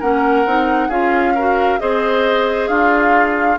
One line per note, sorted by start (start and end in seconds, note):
0.00 0.46 A#3
0.00 0.46 C#4
0.00 0.89 A#4
0.00 0.91 F#5
0.46 0.89 C4
0.46 0.91 D#4
0.89 1.79 C#4
0.89 1.36 F4
0.89 1.34 G#4
0.89 1.80 F5
1.35 1.79 F#4
1.35 1.80 A#4
1.79 2.69 C4
1.79 3.58 G#4
1.79 2.70 C5
1.79 2.68 D#5
2.68 3.58 D4
2.68 3.59 F4
2.68 3.58 F5